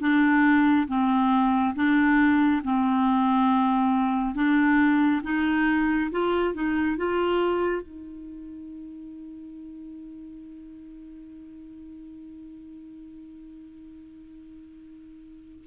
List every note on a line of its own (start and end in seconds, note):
0.00 0.87 D4
0.87 1.74 C4
1.75 2.62 D4
2.64 4.35 C4
4.35 5.22 D4
5.23 6.10 D#4
6.11 6.54 F4
6.54 6.96 D#4
6.96 7.82 F4
7.82 15.64 D#4